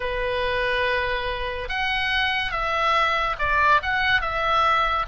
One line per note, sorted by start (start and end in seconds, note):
0.00 1.68 B4
1.68 2.51 F#5
2.51 3.36 E5
3.38 3.81 D5
3.82 4.21 F#5
4.21 5.05 E5